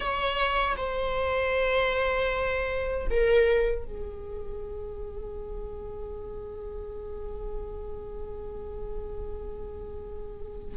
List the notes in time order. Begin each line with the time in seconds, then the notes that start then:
0.00 C#5
0.77 C5
3.10 A#4
3.85 G#4